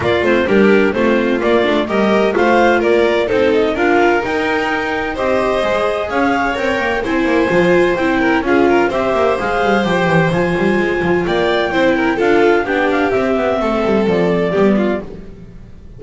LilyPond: <<
  \new Staff \with { instrumentName = "clarinet" } { \time 4/4 \tempo 4 = 128 d''8 c''8 ais'4 c''4 d''4 | dis''4 f''4 d''4 c''8 dis''8 | f''4 g''2 dis''4~ | dis''4 f''4 g''4 gis''4~ |
gis''4 g''4 f''4 e''4 | f''4 g''4 gis''2 | g''2 f''4 g''8 f''8 | e''2 d''2 | }
  \new Staff \with { instrumentName = "violin" } { \time 4/4 f'4 g'4 f'2 | ais'4 c''4 ais'4 a'4 | ais'2. c''4~ | c''4 cis''2 c''4~ |
c''4. ais'8 gis'8 ais'8 c''4~ | c''1 | d''4 c''8 ais'8 a'4 g'4~ | g'4 a'2 g'8 f'8 | }
  \new Staff \with { instrumentName = "viola" } { \time 4/4 ais8 c'8 d'4 c'4 ais8 d'8 | g'4 f'2 dis'4 | f'4 dis'2 g'4 | gis'2 ais'4 e'4 |
f'4 e'4 f'4 g'4 | gis'4 g'4 f'2~ | f'4 e'4 f'4 d'4 | c'2. b4 | }
  \new Staff \with { instrumentName = "double bass" } { \time 4/4 ais8 a8 g4 a4 ais8 a8 | g4 a4 ais4 c'4 | d'4 dis'2 c'4 | gis4 cis'4 c'8 ais8 c'8 ais8 |
f4 c'4 cis'4 c'8 ais8 | gis8 g8 f8 e8 f8 g8 gis8 f8 | ais4 c'4 d'4 b4 | c'8 b8 a8 g8 f4 g4 | }
>>